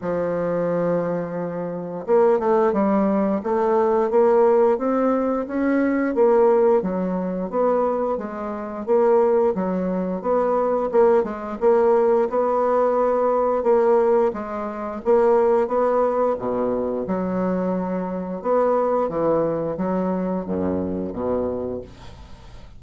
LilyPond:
\new Staff \with { instrumentName = "bassoon" } { \time 4/4 \tempo 4 = 88 f2. ais8 a8 | g4 a4 ais4 c'4 | cis'4 ais4 fis4 b4 | gis4 ais4 fis4 b4 |
ais8 gis8 ais4 b2 | ais4 gis4 ais4 b4 | b,4 fis2 b4 | e4 fis4 fis,4 b,4 | }